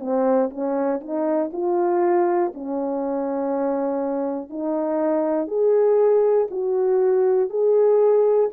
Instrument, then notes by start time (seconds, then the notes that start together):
horn
0.00 C4
0.50 C#4
1.00 D#4
1.53 F4
2.54 C#4
4.50 D#4
5.47 G#4
6.50 F#4
7.50 G#4